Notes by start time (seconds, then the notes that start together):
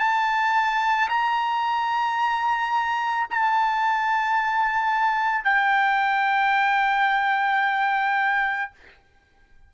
0.00 A5
1.10 A#5
3.30 A5
5.44 G5